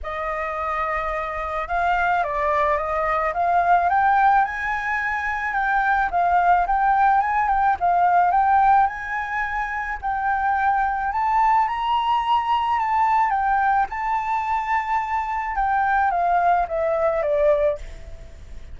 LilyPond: \new Staff \with { instrumentName = "flute" } { \time 4/4 \tempo 4 = 108 dis''2. f''4 | d''4 dis''4 f''4 g''4 | gis''2 g''4 f''4 | g''4 gis''8 g''8 f''4 g''4 |
gis''2 g''2 | a''4 ais''2 a''4 | g''4 a''2. | g''4 f''4 e''4 d''4 | }